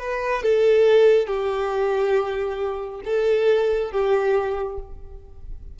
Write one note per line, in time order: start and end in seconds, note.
0.00 0.43 B4
0.43 1.27 A4
1.27 3.01 G4
3.05 3.92 A4
3.92 4.79 G4